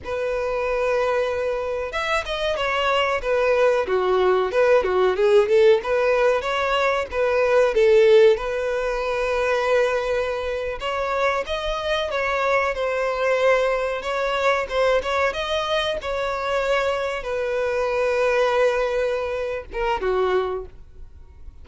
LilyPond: \new Staff \with { instrumentName = "violin" } { \time 4/4 \tempo 4 = 93 b'2. e''8 dis''8 | cis''4 b'4 fis'4 b'8 fis'8 | gis'8 a'8 b'4 cis''4 b'4 | a'4 b'2.~ |
b'8. cis''4 dis''4 cis''4 c''16~ | c''4.~ c''16 cis''4 c''8 cis''8 dis''16~ | dis''8. cis''2 b'4~ b'16~ | b'2~ b'8 ais'8 fis'4 | }